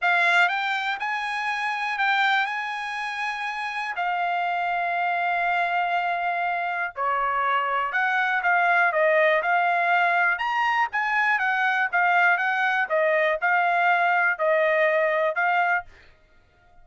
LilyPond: \new Staff \with { instrumentName = "trumpet" } { \time 4/4 \tempo 4 = 121 f''4 g''4 gis''2 | g''4 gis''2. | f''1~ | f''2 cis''2 |
fis''4 f''4 dis''4 f''4~ | f''4 ais''4 gis''4 fis''4 | f''4 fis''4 dis''4 f''4~ | f''4 dis''2 f''4 | }